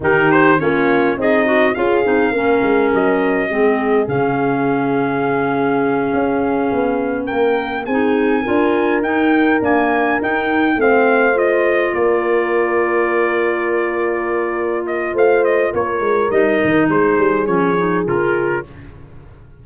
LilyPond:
<<
  \new Staff \with { instrumentName = "trumpet" } { \time 4/4 \tempo 4 = 103 ais'8 c''8 cis''4 dis''4 f''4~ | f''4 dis''2 f''4~ | f''1~ | f''8 g''4 gis''2 g''8~ |
g''8 gis''4 g''4 f''4 dis''8~ | dis''8 d''2.~ d''8~ | d''4. dis''8 f''8 dis''8 cis''4 | dis''4 c''4 cis''4 ais'4 | }
  \new Staff \with { instrumentName = "horn" } { \time 4/4 g'4 f'4 dis'4 gis'4 | ais'2 gis'2~ | gis'1~ | gis'8 ais'4 gis'4 ais'4.~ |
ais'2~ ais'8 c''4.~ | c''8 ais'2.~ ais'8~ | ais'2 c''4 ais'4~ | ais'4 gis'2. | }
  \new Staff \with { instrumentName = "clarinet" } { \time 4/4 dis'4 cis'4 gis'8 fis'8 f'8 dis'8 | cis'2 c'4 cis'4~ | cis'1~ | cis'4. dis'4 f'4 dis'8~ |
dis'8 ais4 dis'4 c'4 f'8~ | f'1~ | f'1 | dis'2 cis'8 dis'8 f'4 | }
  \new Staff \with { instrumentName = "tuba" } { \time 4/4 dis4 ais4 c'4 cis'8 c'8 | ais8 gis8 fis4 gis4 cis4~ | cis2~ cis8 cis'4 b8~ | b8 ais4 c'4 d'4 dis'8~ |
dis'8 d'4 dis'4 a4.~ | a8 ais2.~ ais8~ | ais2 a4 ais8 gis8 | g8 dis8 gis8 g8 f4 cis4 | }
>>